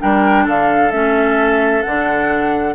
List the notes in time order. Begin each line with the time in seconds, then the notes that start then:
0.00 G3 D4 A#4 G5
0.45 D3 A4 F5
0.92 A3 C#4 E5
1.82 D3 D4 F#5